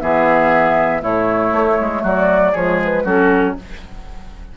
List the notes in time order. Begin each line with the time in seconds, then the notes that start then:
0.00 E3 B3 G#4 E5
1.01 A2 A3 E4 C#5
1.52 A3
1.80 G#3
2.03 F#3 F#4 D5
2.52 F3 G#3 G#4 C#5
2.84 B4
3.04 F#3 C#4 F#4 A4